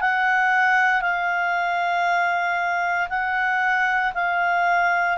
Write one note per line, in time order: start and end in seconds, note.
0.00 1.01 F#5
1.01 3.08 F5
3.09 4.13 F#5
4.14 5.17 F5